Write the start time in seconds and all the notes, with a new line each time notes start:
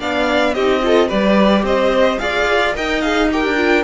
0.00 B3 D4 D5 F5
0.54 C4 D#4 G4 D#5
0.83 F4 A4
1.08 G3 G4 B4 D5
1.64 C4 C5 D#5
2.19 F4 G#4 D5 F5
2.75 D#4 A#4 D#5 G5
3.02 G#4 F5
3.32 G4 A#4 G5
3.45 D4
3.57 F4